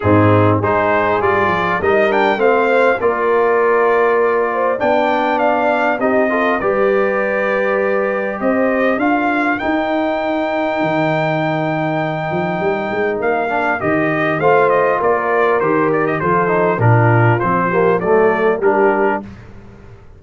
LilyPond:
<<
  \new Staff \with { instrumentName = "trumpet" } { \time 4/4 \tempo 4 = 100 gis'4 c''4 d''4 dis''8 g''8 | f''4 d''2. | g''4 f''4 dis''4 d''4~ | d''2 dis''4 f''4 |
g''1~ | g''2 f''4 dis''4 | f''8 dis''8 d''4 c''8 d''16 dis''16 c''4 | ais'4 c''4 d''4 ais'4 | }
  \new Staff \with { instrumentName = "horn" } { \time 4/4 dis'4 gis'2 ais'4 | c''4 ais'2~ ais'8 c''8 | d''2 g'8 a'8 b'4~ | b'2 c''4 ais'4~ |
ais'1~ | ais'1 | c''4 ais'2 a'4 | f'4. g'8 a'4 g'4 | }
  \new Staff \with { instrumentName = "trombone" } { \time 4/4 c'4 dis'4 f'4 dis'8 d'8 | c'4 f'2. | d'2 dis'8 f'8 g'4~ | g'2. f'4 |
dis'1~ | dis'2~ dis'8 d'8 g'4 | f'2 g'4 f'8 dis'8 | d'4 c'8 ais8 a4 d'4 | }
  \new Staff \with { instrumentName = "tuba" } { \time 4/4 gis,4 gis4 g8 f8 g4 | a4 ais2. | b2 c'4 g4~ | g2 c'4 d'4 |
dis'2 dis2~ | dis8 f8 g8 gis8 ais4 dis4 | a4 ais4 dis4 f4 | ais,4 f4 fis4 g4 | }
>>